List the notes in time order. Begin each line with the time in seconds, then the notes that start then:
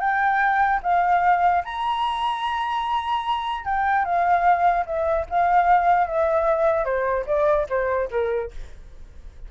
0.00 G5
0.83 F5
1.65 A#5
3.65 G5
4.05 F5
4.86 E5
5.30 F5
6.07 E5
6.85 C5
7.27 D5
7.69 C5
8.11 A#4